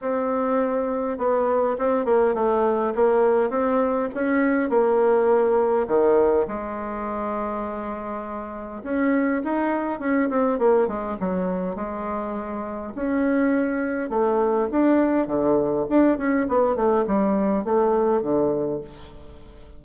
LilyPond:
\new Staff \with { instrumentName = "bassoon" } { \time 4/4 \tempo 4 = 102 c'2 b4 c'8 ais8 | a4 ais4 c'4 cis'4 | ais2 dis4 gis4~ | gis2. cis'4 |
dis'4 cis'8 c'8 ais8 gis8 fis4 | gis2 cis'2 | a4 d'4 d4 d'8 cis'8 | b8 a8 g4 a4 d4 | }